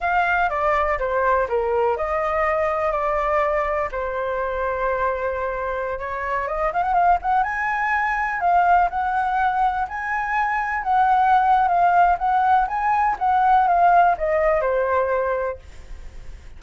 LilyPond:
\new Staff \with { instrumentName = "flute" } { \time 4/4 \tempo 4 = 123 f''4 d''4 c''4 ais'4 | dis''2 d''2 | c''1~ | c''16 cis''4 dis''8 f''16 fis''16 f''8 fis''8 gis''8.~ |
gis''4~ gis''16 f''4 fis''4.~ fis''16~ | fis''16 gis''2 fis''4.~ fis''16 | f''4 fis''4 gis''4 fis''4 | f''4 dis''4 c''2 | }